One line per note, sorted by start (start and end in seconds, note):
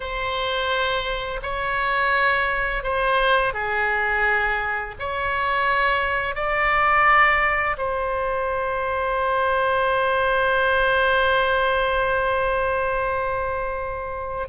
0.00 1.40 C5
1.42 2.83 C#5
2.83 3.53 C5
3.53 4.94 G#4
4.99 6.35 C#5
6.35 7.76 D5
7.77 14.48 C5